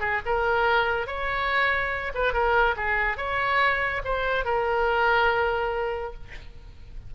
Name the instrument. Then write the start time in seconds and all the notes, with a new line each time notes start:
oboe
0.00 G#4
0.26 A#4
1.07 C#5
2.15 B4
2.33 A#4
2.77 G#4
3.18 C#5
4.05 C5
4.45 A#4